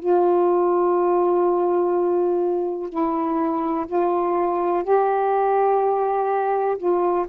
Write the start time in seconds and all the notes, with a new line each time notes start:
0.00 F4
2.90 E4
3.87 F4
4.84 G4
6.78 F4